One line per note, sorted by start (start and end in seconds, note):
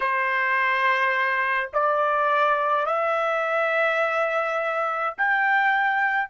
0.00 1.70 C5
1.73 2.85 D5
2.85 5.14 E5
5.17 6.29 G5